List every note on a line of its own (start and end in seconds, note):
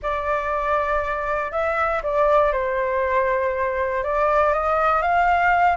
0.02 1.51 D5
1.51 2.02 E5
2.02 2.52 D5
2.52 4.03 C5
4.03 4.53 D5
4.53 5.02 D#5
5.02 5.76 F5